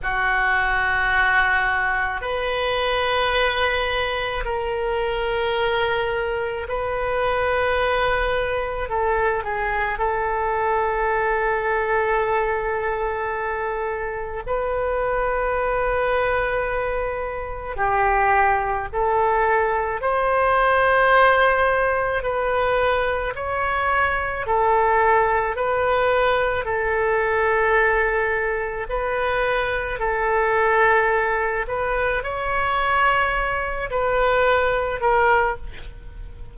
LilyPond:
\new Staff \with { instrumentName = "oboe" } { \time 4/4 \tempo 4 = 54 fis'2 b'2 | ais'2 b'2 | a'8 gis'8 a'2.~ | a'4 b'2. |
g'4 a'4 c''2 | b'4 cis''4 a'4 b'4 | a'2 b'4 a'4~ | a'8 b'8 cis''4. b'4 ais'8 | }